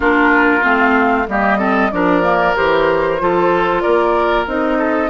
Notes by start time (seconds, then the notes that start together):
0.00 A#3 D4 F4 A#4
0.61 A3 C4 F5
1.28 G3 A#3 G4 D#5
1.58 C4 A4
1.91 F3 D4 A#4 D5
2.22 A#3
2.55 E3 G4 C5
3.19 F3 F4 A4
3.80 A#3 A#4 D5
4.46 C4 D#4 D#5
4.78 A4